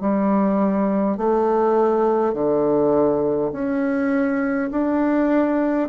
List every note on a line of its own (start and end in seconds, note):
0.00 1.17 G3
1.17 2.33 A3
2.33 3.51 D3
3.52 4.70 C#4
4.71 5.89 D4